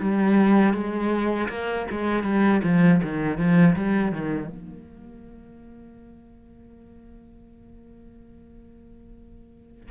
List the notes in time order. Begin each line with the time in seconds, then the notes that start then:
0.00 G3
0.73 G#3
1.49 A#3
1.90 G#3
2.23 G3
2.63 F3
3.02 D#3
3.38 F3
3.75 G3
4.12 D#3
4.48 A#3